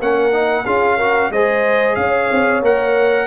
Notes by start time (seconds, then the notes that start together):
0.00 A#3 C#4 A#4 F#5
0.32 D#4
0.65 C#4 F4 G#4 F5
0.97 F#4 A#4
1.30 G#3 G#4 C5 D#5
1.95 C#4 C#5 F5
2.31 C4
2.62 A#3 A#4 F#5